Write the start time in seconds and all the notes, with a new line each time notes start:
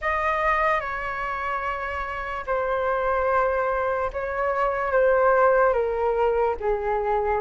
0.01 D#5
0.80 C#5
2.46 C5
4.12 C#5
4.91 C5
5.73 A#4
6.59 G#4